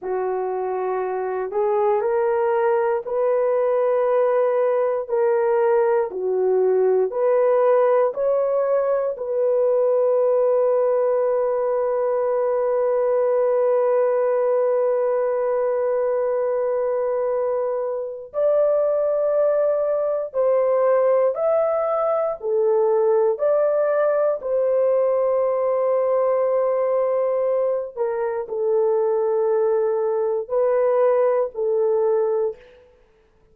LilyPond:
\new Staff \with { instrumentName = "horn" } { \time 4/4 \tempo 4 = 59 fis'4. gis'8 ais'4 b'4~ | b'4 ais'4 fis'4 b'4 | cis''4 b'2.~ | b'1~ |
b'2 d''2 | c''4 e''4 a'4 d''4 | c''2.~ c''8 ais'8 | a'2 b'4 a'4 | }